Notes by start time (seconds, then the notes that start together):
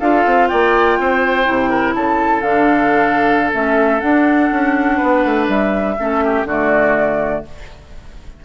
0.00 D4 F4 A4 F5
0.26 C4
0.48 A#3 D5 G5
0.99 C4 C5
1.44 C3 E4
1.70 A#4
1.95 C#3 A4 A5
2.41 D3 D4 F5
3.53 A3 C#4 E5
4.01 D4 F#5
4.51 C#4
4.97 B3 B4
5.25 A3
5.48 G3 E5
5.99 A3 C#4 A4
6.24 G4
6.45 D3 A3 F#4 D5